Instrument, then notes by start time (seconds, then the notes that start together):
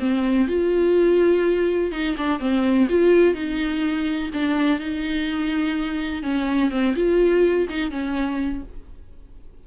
viola
0.00 C4
0.48 F4
1.92 D#4
2.18 D4
2.40 C4
2.89 F4
3.35 D#4
4.33 D4
4.80 D#4
6.23 C#4
6.71 C4
6.96 F4
7.70 D#4
7.91 C#4